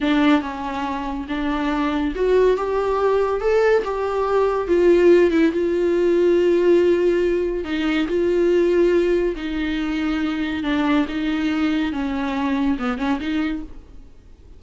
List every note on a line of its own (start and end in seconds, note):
0.01 0.41 D4
0.41 1.26 C#4
1.28 2.13 D4
2.15 2.56 F#4
2.56 3.40 G4
3.40 3.83 A4
3.84 4.67 G4
4.67 5.31 F4
5.31 5.52 E4
5.52 7.64 F4
7.64 8.07 D#4
8.07 9.35 F4
9.35 10.63 D#4
10.63 11.05 D4
11.08 11.92 D#4
11.92 12.77 C#4
12.78 12.97 B3
12.97 13.19 C#4
13.20 13.62 D#4